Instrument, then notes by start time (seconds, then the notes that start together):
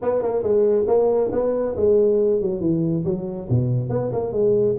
tuba
0.01 B3
0.22 A#3
0.42 G#3
0.87 A#3
1.32 B3
1.76 G#3
2.41 F#3
2.60 E3
3.04 F#3
3.49 B2
3.89 B3
4.12 A#3
4.32 G#3